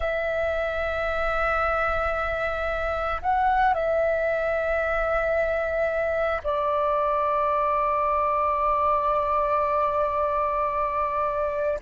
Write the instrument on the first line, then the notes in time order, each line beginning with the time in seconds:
flute
0.00 E5
3.21 F#5
3.74 E5
6.43 D5